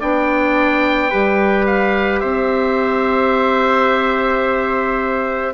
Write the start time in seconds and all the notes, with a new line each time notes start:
0.00 B3 D4 D5 G5
1.09 G3 G4 B4
1.67 F5
2.20 C4 C5 E5